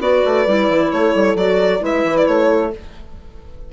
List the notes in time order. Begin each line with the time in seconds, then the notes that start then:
0.00 B3 F#4 B4 D5
0.25 A3
0.47 G3 E4
0.69 E3
0.92 A3 A4 C#5
1.15 G3
1.35 F#3 F#4 D5
1.80 G#3 E4 B4
1.86 E5
2.04 E3
2.17 D5
2.27 A3 C#5
2.49 A4